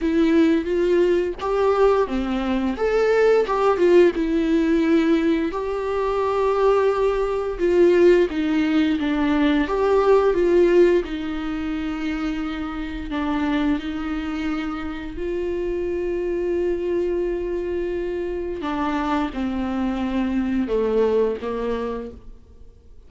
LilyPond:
\new Staff \with { instrumentName = "viola" } { \time 4/4 \tempo 4 = 87 e'4 f'4 g'4 c'4 | a'4 g'8 f'8 e'2 | g'2. f'4 | dis'4 d'4 g'4 f'4 |
dis'2. d'4 | dis'2 f'2~ | f'2. d'4 | c'2 a4 ais4 | }